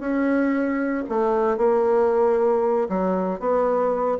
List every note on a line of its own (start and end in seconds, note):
0.00 1.04 C#4
1.09 1.58 A3
1.58 2.88 A#3
2.89 3.40 F#3
3.40 4.18 B3